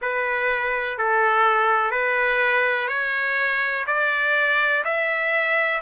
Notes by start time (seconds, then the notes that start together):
0.01 B4
0.98 A4
1.91 B4
2.88 C#5
3.87 D5
4.84 E5